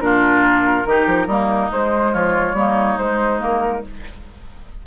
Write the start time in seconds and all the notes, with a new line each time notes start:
0.00 A#2 D4 F4 A#4
0.86 D#3 D#4 G4
1.07 F3
1.27 G3 A#3 D#4
1.71 G#3 C5
2.13 F3 F4 C#5
2.54 G3 A#3 D#4
2.98 G#3 C5
3.39 A#3 A#4